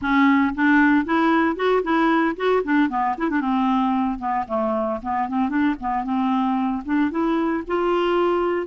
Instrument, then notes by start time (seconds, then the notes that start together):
clarinet
0.01 C#4
0.54 D4
1.05 E4
1.56 F#4
1.83 E4
2.36 F#4
2.63 D4
2.89 B3
3.17 E4
3.29 D4
3.40 C4
4.18 B3
4.47 A3
5.02 B3
5.28 C4
5.49 D4
5.79 B3
6.04 C4
6.85 D4
7.11 E4
7.67 F4